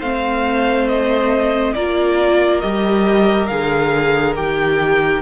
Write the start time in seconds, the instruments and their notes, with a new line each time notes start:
0.00 cello A3, viola C4, violin C5 F5
0.88 violin D#5
1.74 cello A#3, viola F4, violin A#4 D5
2.61 cello G3, viola G4, violin D#5
3.47 cello D3, viola G#4, violin F5
4.36 cello D#3, viola G4, violin G5